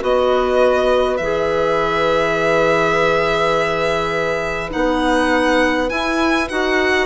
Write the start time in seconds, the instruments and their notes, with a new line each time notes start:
0.00 bassoon B3, clarinet F#4, oboe B4, violin D#5
1.17 bassoon E3, clarinet G#4, violin E5
4.71 bassoon B3, clarinet D#4, violin F#5
5.89 clarinet E4, bassoon E4, violin G#5
6.49 bassoon D#4, clarinet F#4, violin F#5